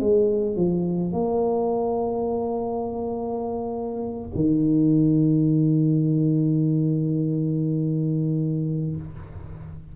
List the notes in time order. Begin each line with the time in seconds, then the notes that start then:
0.00 G#3
0.56 F3
1.13 A#3
4.35 D#3